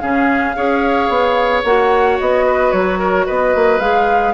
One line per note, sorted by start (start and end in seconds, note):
0.00 0.56 C#3
0.00 0.55 C#4
0.00 0.56 G#4
0.00 1.62 F5
0.55 1.09 C#4
0.55 1.63 G#4
0.55 2.45 C#5
1.09 1.63 B3
1.64 2.18 A#3
1.64 3.81 F#4
1.64 2.18 F#5
2.19 2.73 B3
2.19 2.71 D#5
2.46 2.99 B4
2.71 3.27 F#3
2.71 3.25 C#5
2.99 3.25 A#4
3.25 3.55 B3
3.25 4.34 B4
3.25 3.80 D#5
3.55 3.79 A#3
3.79 4.33 G#3
3.79 4.34 G#4
3.79 4.34 F5